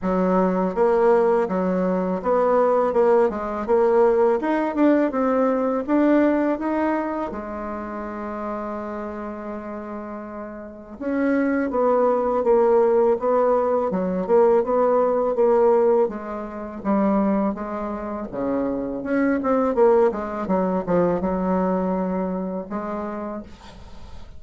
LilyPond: \new Staff \with { instrumentName = "bassoon" } { \time 4/4 \tempo 4 = 82 fis4 ais4 fis4 b4 | ais8 gis8 ais4 dis'8 d'8 c'4 | d'4 dis'4 gis2~ | gis2. cis'4 |
b4 ais4 b4 fis8 ais8 | b4 ais4 gis4 g4 | gis4 cis4 cis'8 c'8 ais8 gis8 | fis8 f8 fis2 gis4 | }